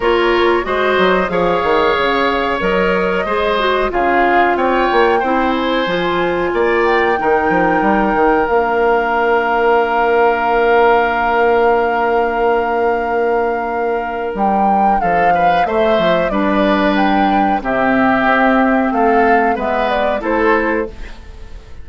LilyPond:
<<
  \new Staff \with { instrumentName = "flute" } { \time 4/4 \tempo 4 = 92 cis''4 dis''4 f''2 | dis''2 f''4 g''4~ | g''8 gis''2 g''4.~ | g''4 f''2.~ |
f''1~ | f''2 g''4 f''4 | e''4 d''4 g''4 e''4~ | e''4 f''4 e''8 d''8 c''4 | }
  \new Staff \with { instrumentName = "oboe" } { \time 4/4 ais'4 c''4 cis''2~ | cis''4 c''4 gis'4 cis''4 | c''2 d''4 ais'4~ | ais'1~ |
ais'1~ | ais'2. a'8 b'8 | c''4 b'2 g'4~ | g'4 a'4 b'4 a'4 | }
  \new Staff \with { instrumentName = "clarinet" } { \time 4/4 f'4 fis'4 gis'2 | ais'4 gis'8 fis'8 f'2 | e'4 f'2 dis'4~ | dis'4 d'2.~ |
d'1~ | d'1 | a4 d'2 c'4~ | c'2 b4 e'4 | }
  \new Staff \with { instrumentName = "bassoon" } { \time 4/4 ais4 gis8 fis8 f8 dis8 cis4 | fis4 gis4 cis4 c'8 ais8 | c'4 f4 ais4 dis8 f8 | g8 dis8 ais2.~ |
ais1~ | ais2 g4 f4 | a8 f8 g2 c4 | c'4 a4 gis4 a4 | }
>>